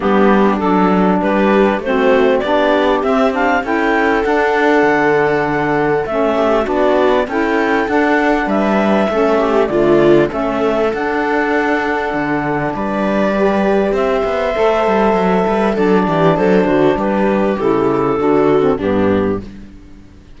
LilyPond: <<
  \new Staff \with { instrumentName = "clarinet" } { \time 4/4 \tempo 4 = 99 g'4 a'4 b'4 c''4 | d''4 e''8 f''8 g''4 fis''4~ | fis''2 e''4 d''4 | g''4 fis''4 e''2 |
d''4 e''4 fis''2~ | fis''4 d''2 e''4~ | e''2 d''4 c''4 | b'4 a'2 g'4 | }
  \new Staff \with { instrumentName = "viola" } { \time 4/4 d'2 g'4 fis'4 | g'2 a'2~ | a'2~ a'8 g'8 fis'4 | a'2 b'4 a'8 g'8 |
f'4 a'2.~ | a'4 b'2 c''4~ | c''4. b'8 a'8 g'8 a'8 fis'8 | g'2 fis'4 d'4 | }
  \new Staff \with { instrumentName = "saxophone" } { \time 4/4 b4 d'2 c'4 | d'4 c'8 d'8 e'4 d'4~ | d'2 cis'4 d'4 | e'4 d'2 cis'4 |
a4 cis'4 d'2~ | d'2 g'2 | a'2 d'2~ | d'4 e'4 d'8. c'16 b4 | }
  \new Staff \with { instrumentName = "cello" } { \time 4/4 g4 fis4 g4 a4 | b4 c'4 cis'4 d'4 | d2 a4 b4 | cis'4 d'4 g4 a4 |
d4 a4 d'2 | d4 g2 c'8 b8 | a8 g8 fis8 g8 fis8 e8 fis8 d8 | g4 cis4 d4 g,4 | }
>>